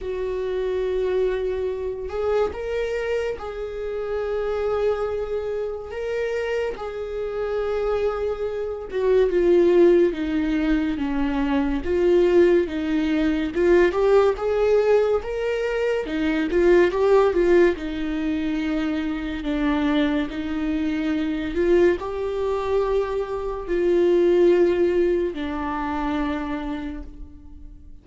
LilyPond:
\new Staff \with { instrumentName = "viola" } { \time 4/4 \tempo 4 = 71 fis'2~ fis'8 gis'8 ais'4 | gis'2. ais'4 | gis'2~ gis'8 fis'8 f'4 | dis'4 cis'4 f'4 dis'4 |
f'8 g'8 gis'4 ais'4 dis'8 f'8 | g'8 f'8 dis'2 d'4 | dis'4. f'8 g'2 | f'2 d'2 | }